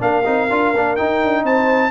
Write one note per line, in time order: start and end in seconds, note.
0.00 0.26 A#3
0.00 0.24 D4
0.00 1.43 A#4
0.00 0.97 F5
0.25 0.50 C4
0.25 0.49 D#4
0.50 0.74 D4
0.50 0.75 F4
0.74 0.98 A#3
0.74 0.98 D4
0.97 1.91 D#4
0.97 1.24 D#4
0.97 1.44 G5
1.25 1.44 D4
1.43 1.91 C4
1.43 1.91 C5
1.43 1.91 A5